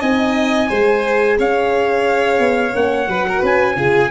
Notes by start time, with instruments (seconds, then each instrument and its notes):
0.00 tuba C4, horn D#4, violin D#5, trumpet G#5
0.69 tuba G#3, horn G#4, violin C5
1.38 tuba C#4, violin C#5, trumpet F5
2.39 tuba B3
2.72 tuba A#3, horn C#4, trumpet F#5
3.07 tuba F#3, horn F#4, violin B4
3.28 violin A#4
3.39 tuba C#4, violin B4
3.46 trumpet G#5
3.76 tuba C#3, horn F4, violin G#4